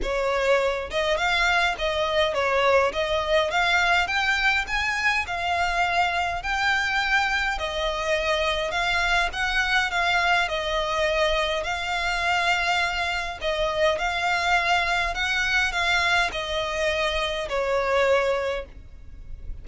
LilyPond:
\new Staff \with { instrumentName = "violin" } { \time 4/4 \tempo 4 = 103 cis''4. dis''8 f''4 dis''4 | cis''4 dis''4 f''4 g''4 | gis''4 f''2 g''4~ | g''4 dis''2 f''4 |
fis''4 f''4 dis''2 | f''2. dis''4 | f''2 fis''4 f''4 | dis''2 cis''2 | }